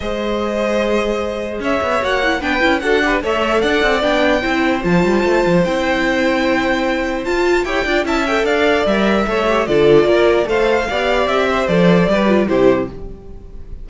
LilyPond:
<<
  \new Staff \with { instrumentName = "violin" } { \time 4/4 \tempo 4 = 149 dis''1 | e''4 fis''4 g''4 fis''4 | e''4 fis''4 g''2 | a''2 g''2~ |
g''2 a''4 g''4 | a''8 g''8 f''4 e''2 | d''2 f''2 | e''4 d''2 c''4 | }
  \new Staff \with { instrumentName = "violin" } { \time 4/4 c''1 | cis''2 b'4 a'8 b'8 | cis''4 d''2 c''4~ | c''1~ |
c''2. cis''8 d''8 | e''4 d''2 cis''4 | a'4 ais'4 c''4 d''4~ | d''8 c''4. b'4 g'4 | }
  \new Staff \with { instrumentName = "viola" } { \time 4/4 gis'1~ | gis'4 fis'8 e'8 d'8 e'8 fis'8 g'8 | a'2 d'4 e'4 | f'2 e'2~ |
e'2 f'4 g'8 f'8 | e'8 a'4. ais'4 a'8 g'8 | f'2 a'4 g'4~ | g'4 a'4 g'8 f'8 e'4 | }
  \new Staff \with { instrumentName = "cello" } { \time 4/4 gis1 | cis'8 b8 ais4 b8 cis'8 d'4 | a4 d'8 c'8 b4 c'4 | f8 g8 a8 f8 c'2~ |
c'2 f'4 e'8 d'8 | cis'4 d'4 g4 a4 | d4 ais4 a4 b4 | c'4 f4 g4 c4 | }
>>